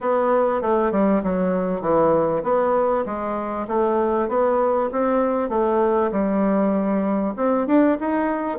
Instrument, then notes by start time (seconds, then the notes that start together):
bassoon
0.00 B3
0.61 A3
0.91 G3
1.23 F#3
1.81 E3
2.43 B3
3.05 G#3
3.67 A3
4.28 B3
4.91 C4
5.49 A3
6.11 G3
7.36 C4
7.67 D4
8.00 D#4